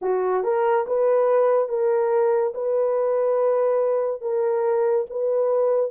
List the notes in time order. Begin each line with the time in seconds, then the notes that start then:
0.01 F#4
0.43 A#4
0.86 B4
1.68 A#4
2.54 B4
4.21 A#4
5.09 B4